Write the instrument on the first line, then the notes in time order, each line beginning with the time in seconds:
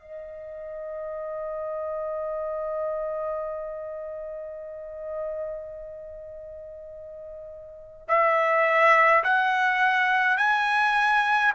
trumpet
0.00 D#5
8.08 E5
9.24 F#5
10.37 G#5